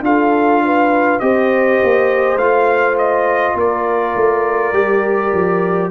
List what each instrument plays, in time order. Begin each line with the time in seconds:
0.00 tuba D4, trombone F4, horn A4, trumpet F5
0.65 horn B4
1.19 tuba C4, trombone G4, horn C5, trumpet D#5
1.83 tuba A#3
2.36 tuba A3, trombone F4, trumpet F5
2.98 trumpet D#5
3.55 tuba A#3, horn A#4, trumpet D5
4.15 tuba A3
4.73 tuba G3, trombone G4
5.33 tuba F3